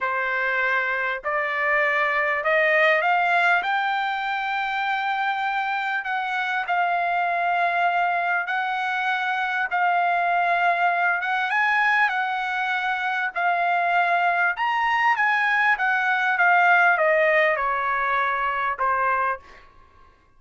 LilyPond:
\new Staff \with { instrumentName = "trumpet" } { \time 4/4 \tempo 4 = 99 c''2 d''2 | dis''4 f''4 g''2~ | g''2 fis''4 f''4~ | f''2 fis''2 |
f''2~ f''8 fis''8 gis''4 | fis''2 f''2 | ais''4 gis''4 fis''4 f''4 | dis''4 cis''2 c''4 | }